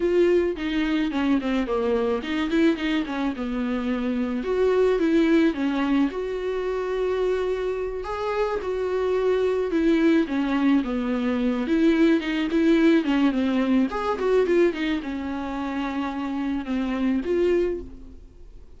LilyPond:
\new Staff \with { instrumentName = "viola" } { \time 4/4 \tempo 4 = 108 f'4 dis'4 cis'8 c'8 ais4 | dis'8 e'8 dis'8 cis'8 b2 | fis'4 e'4 cis'4 fis'4~ | fis'2~ fis'8 gis'4 fis'8~ |
fis'4. e'4 cis'4 b8~ | b4 e'4 dis'8 e'4 cis'8 | c'4 gis'8 fis'8 f'8 dis'8 cis'4~ | cis'2 c'4 f'4 | }